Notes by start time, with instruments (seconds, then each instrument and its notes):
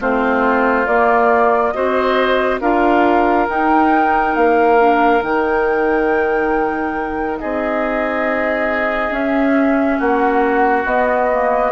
0.00 bassoon A3, clarinet C4, oboe F4, flute C5
0.87 bassoon A#3, clarinet A#3, flute D5
1.72 bassoon C4, clarinet F#4, oboe C5, flute D#5
2.61 bassoon D4, clarinet F4, oboe A#4, flute F5
3.49 clarinet D#4, bassoon D#4, flute G5
4.36 bassoon A#3, flute F5
4.79 clarinet D4
5.21 bassoon D#3, clarinet D#4, flute G5
7.39 bassoon C4, oboe G#4, flute D#5
9.11 bassoon C#4, clarinet C#4, flute E5
9.99 bassoon A#3, oboe F#4, flute F#5
10.86 bassoon B3, clarinet B3, flute D#5
11.32 clarinet A#3